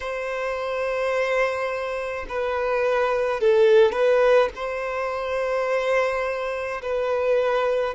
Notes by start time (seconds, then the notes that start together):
0.00 C5
2.28 B4
3.40 A4
3.92 B4
4.55 C5
6.82 B4